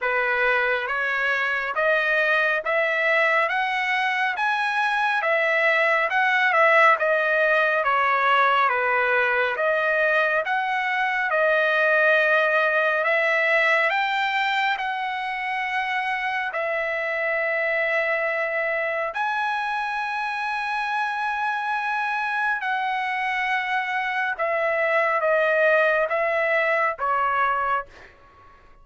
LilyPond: \new Staff \with { instrumentName = "trumpet" } { \time 4/4 \tempo 4 = 69 b'4 cis''4 dis''4 e''4 | fis''4 gis''4 e''4 fis''8 e''8 | dis''4 cis''4 b'4 dis''4 | fis''4 dis''2 e''4 |
g''4 fis''2 e''4~ | e''2 gis''2~ | gis''2 fis''2 | e''4 dis''4 e''4 cis''4 | }